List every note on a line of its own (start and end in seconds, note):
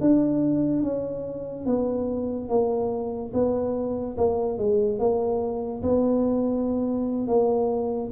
0.00 0.82 D4
0.82 1.66 C#4
1.66 2.48 B3
2.48 3.32 A#3
3.33 4.16 B3
4.17 4.58 A#3
4.58 4.99 G#3
4.99 5.82 A#3
5.83 7.27 B3
7.27 8.10 A#3